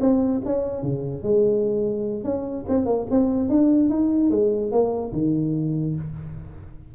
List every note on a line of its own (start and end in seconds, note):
0.00 0.41 C4
0.45 0.82 C#4
0.82 1.23 C#3
1.23 2.24 G#3
2.24 2.65 C#4
2.68 2.85 C4
2.85 3.06 A#3
3.10 3.49 C4
3.49 3.89 D4
3.89 4.30 D#4
4.30 4.71 G#3
4.71 5.12 A#3
5.13 5.95 D#3